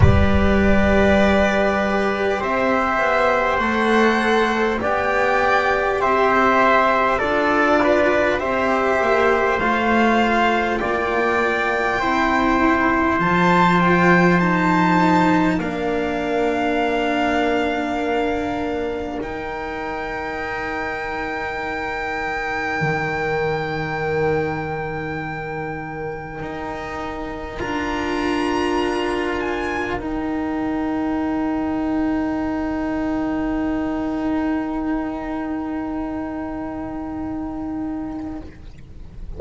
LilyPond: <<
  \new Staff \with { instrumentName = "violin" } { \time 4/4 \tempo 4 = 50 d''2 e''4 fis''4 | g''4 e''4 d''4 e''4 | f''4 g''2 a''8 g''8 | a''4 f''2. |
g''1~ | g''2. ais''4~ | ais''8 gis''8 g''2.~ | g''1 | }
  \new Staff \with { instrumentName = "trumpet" } { \time 4/4 b'2 c''2 | d''4 c''4 a'8 b'8 c''4~ | c''4 d''4 c''2~ | c''4 ais'2.~ |
ais'1~ | ais'1~ | ais'1~ | ais'1 | }
  \new Staff \with { instrumentName = "cello" } { \time 4/4 g'2. a'4 | g'2 f'4 g'4 | f'2 e'4 f'4 | dis'4 d'2. |
dis'1~ | dis'2. f'4~ | f'4 dis'2.~ | dis'1 | }
  \new Staff \with { instrumentName = "double bass" } { \time 4/4 g2 c'8 b8 a4 | b4 c'4 d'4 c'8 ais8 | a4 ais4 c'4 f4~ | f4 ais2. |
dis'2. dis4~ | dis2 dis'4 d'4~ | d'4 dis'2.~ | dis'1 | }
>>